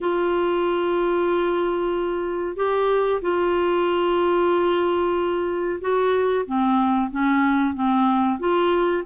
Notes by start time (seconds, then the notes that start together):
0.00 F4
2.56 G4
3.21 F4
5.80 F#4
6.45 C4
7.10 C#4
7.74 C4
8.39 F4